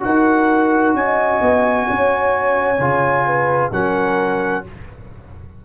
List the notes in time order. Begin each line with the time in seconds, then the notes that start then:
0.00 D#4 F#4 A#4 F#5
0.94 C#4 D#5 G#5
1.41 B3
1.88 C#4 C#5
2.79 C#3 F4
3.26 B4
3.72 F#3 C#4 A#4 F#5